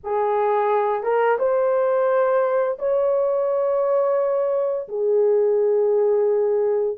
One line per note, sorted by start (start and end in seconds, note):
0.03 1.03 G#4
1.03 1.38 A#4
1.38 2.78 C5
2.78 4.88 C#5
4.88 6.97 G#4